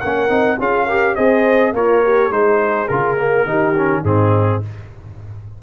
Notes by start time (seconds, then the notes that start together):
0.00 A#3 C#4 A#4 F#5
0.28 C4 D#4
0.59 C#4 F4 G#4 F5
0.85 G4 A#4
1.15 C4 G#4 C5 D#5
1.72 A#3 F4 A#4 C#5
2.04 G4
2.30 G#3 D#4 G#4 C5
2.88 C#3 F4 A#4
3.17 A#3
3.45 D#3 D#4 G4
3.77 C#4
4.02 G#2 C4 D#4 G#4